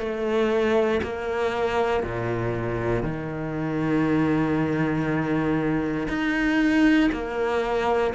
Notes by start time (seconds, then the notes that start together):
0.00 A3
1.03 A#3
2.04 A#2
3.03 D#3
6.09 D#4
7.12 A#3